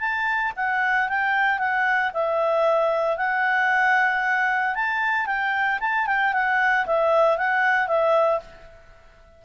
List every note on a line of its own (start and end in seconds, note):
0.00 0.53 A5
0.56 1.09 F#5
1.09 1.59 G5
1.59 2.11 F#5
2.13 3.17 E5
3.17 4.75 F#5
4.75 5.27 A5
5.27 5.79 G5
5.80 6.07 A5
6.07 6.33 G5
6.33 6.86 F#5
6.86 7.38 E5
7.38 7.88 F#5
7.88 8.40 E5